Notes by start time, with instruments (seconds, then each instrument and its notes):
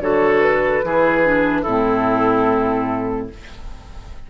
0.00 bassoon D3, clarinet F#4, oboe A4, flute C#5
0.40 flute B4
0.83 bassoon E3, clarinet E4, oboe G#4
1.24 clarinet D4
1.62 bassoon A2, clarinet C4, oboe E4, flute A4